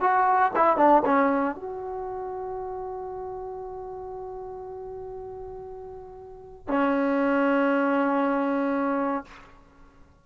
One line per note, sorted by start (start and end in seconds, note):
0.00 0.51 F#4
0.55 0.76 E4
0.76 1.02 D4
1.05 1.55 C#4
1.55 6.67 F#4
6.67 9.24 C#4